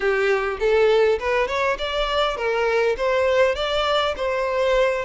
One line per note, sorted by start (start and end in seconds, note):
0.00 0.58 G4
0.59 1.19 A4
1.19 1.47 B4
1.47 1.77 C#5
1.78 2.36 D5
2.36 2.96 A#4
2.97 3.55 C5
3.55 4.14 D5
4.16 5.05 C5